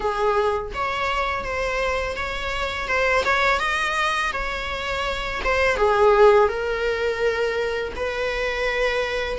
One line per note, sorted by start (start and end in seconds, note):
0.00 0.71 G#4
0.74 1.44 C#5
1.44 2.16 C5
2.16 2.88 C#5
2.88 3.24 C5
3.25 3.59 C#5
3.59 4.32 D#5
4.32 5.41 C#5
5.44 5.76 C5
5.76 6.48 G#4
6.48 7.93 A#4
7.96 9.38 B4